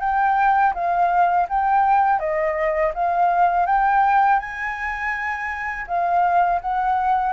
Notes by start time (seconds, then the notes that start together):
0.00 G5
0.74 F5
1.49 G5
2.19 D#5
2.94 F5
3.66 G5
4.39 G#5
5.87 F5
6.61 F#5